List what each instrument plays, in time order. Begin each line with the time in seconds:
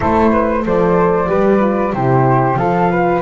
0.00 double bass A3, horn E4, flute A4 C5
0.31 flute B4
0.63 double bass F3, horn A4, flute C5 D5
1.26 double bass G3, horn G4, flute B4
1.59 horn F4
1.92 double bass C3, horn E4, flute G4 C5
2.55 double bass F3, horn F4, flute A4 F5
2.91 flute B4